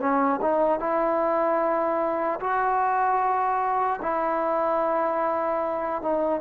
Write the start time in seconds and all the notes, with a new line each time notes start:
0.00 C#4
0.42 D#4
0.80 E4
2.40 F#4
4.02 E4
6.02 D#4